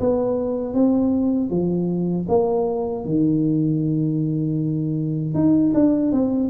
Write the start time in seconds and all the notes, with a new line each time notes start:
0.00 B3
0.74 C4
1.50 F3
2.28 A#3
3.05 D#3
5.34 D#4
5.74 D4
6.12 C4